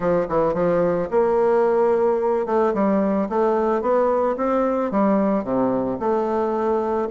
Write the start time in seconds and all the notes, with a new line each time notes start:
0.00 F3
0.28 E3
0.53 F3
1.10 A#3
2.45 A3
2.73 G3
3.29 A3
3.81 B3
4.36 C4
4.91 G3
5.44 C3
5.99 A3